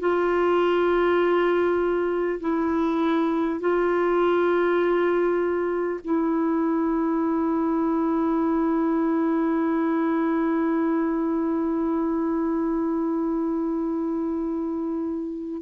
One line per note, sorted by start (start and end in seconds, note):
0.00 2.40 F4
2.41 3.61 E4
3.61 6.01 F4
6.04 15.62 E4